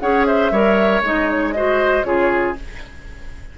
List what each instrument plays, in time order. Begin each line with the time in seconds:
0.00 bassoon C#4, clarinet G#4, oboe C#5, flute F#5
0.26 oboe C5, flute E5
0.51 bassoon G3, clarinet A#4, oboe C#5
1.01 bassoon G#3, clarinet D#4, flute D#5
1.29 flute C#5
1.52 clarinet F#4, oboe C5, flute D#5
2.04 bassoon C#3, clarinet F4, oboe G#4, flute C#5